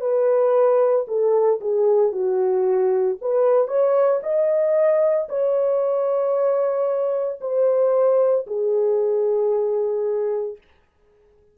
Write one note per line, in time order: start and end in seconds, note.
0.00 1.05 B4
1.07 1.60 A4
1.61 2.12 G#4
2.12 3.17 F#4
3.21 3.67 B4
3.67 4.20 C#5
4.22 5.28 D#5
5.29 7.39 C#5
7.41 8.46 C5
8.46 10.57 G#4